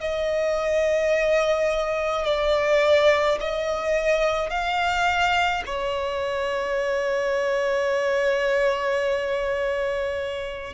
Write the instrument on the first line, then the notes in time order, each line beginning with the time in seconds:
violin
0.00 D#5
2.25 D5
3.40 D#5
4.50 F5
5.66 C#5